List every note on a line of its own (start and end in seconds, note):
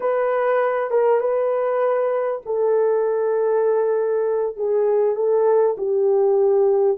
0.00 0.90 B4
0.90 1.20 A#4
1.20 2.41 B4
2.45 4.56 A4
4.56 5.15 G#4
5.15 5.76 A4
5.77 6.98 G4